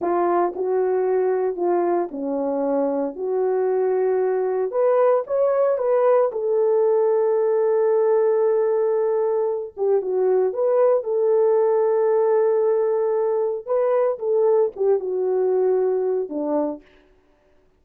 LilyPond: \new Staff \with { instrumentName = "horn" } { \time 4/4 \tempo 4 = 114 f'4 fis'2 f'4 | cis'2 fis'2~ | fis'4 b'4 cis''4 b'4 | a'1~ |
a'2~ a'8 g'8 fis'4 | b'4 a'2.~ | a'2 b'4 a'4 | g'8 fis'2~ fis'8 d'4 | }